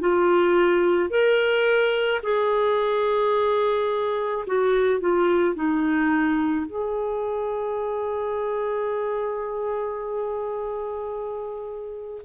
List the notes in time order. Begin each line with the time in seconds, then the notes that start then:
0.00 F4
1.10 A#4
2.23 G#4
4.46 F#4
5.00 F4
5.55 D#4
6.66 G#4